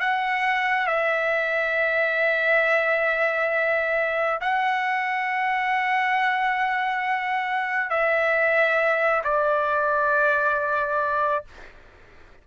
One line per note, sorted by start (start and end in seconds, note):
0.00 0.87 F#5
0.87 4.40 E5
4.41 7.90 F#5
7.90 9.22 E5
9.24 11.45 D5